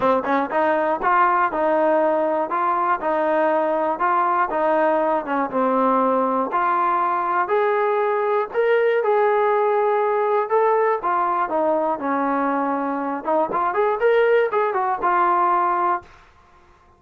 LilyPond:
\new Staff \with { instrumentName = "trombone" } { \time 4/4 \tempo 4 = 120 c'8 cis'8 dis'4 f'4 dis'4~ | dis'4 f'4 dis'2 | f'4 dis'4. cis'8 c'4~ | c'4 f'2 gis'4~ |
gis'4 ais'4 gis'2~ | gis'4 a'4 f'4 dis'4 | cis'2~ cis'8 dis'8 f'8 gis'8 | ais'4 gis'8 fis'8 f'2 | }